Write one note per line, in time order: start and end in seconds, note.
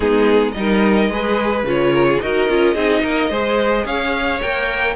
0.00 0.55 G#3
0.00 0.54 B3
0.00 0.54 D#4
0.00 0.52 G#4
0.52 1.08 G3
0.52 1.11 D#4
0.52 1.62 D#5
0.58 1.10 A#4
1.08 1.63 G#3
1.08 1.65 G#4
1.08 1.92 B4
1.63 2.18 C#3
1.63 2.20 F4
1.69 2.20 C#5
1.92 2.06 A#4
2.08 2.22 G#4
2.20 2.48 D#4
2.20 2.48 F#4
2.20 2.74 A#4
2.20 3.86 D#5
2.48 2.75 C#4
2.48 2.75 F4
2.74 3.02 C4
2.74 3.30 D#4
2.74 3.01 G#4
3.02 3.29 A#3
3.02 3.30 A#4
3.29 3.84 G#3
3.29 4.41 G#4
3.29 3.85 C5
3.85 4.40 C#4
3.85 4.95 C#5
3.85 4.41 F5
4.41 4.95 A#3
4.41 4.95 A#4
4.41 4.95 G5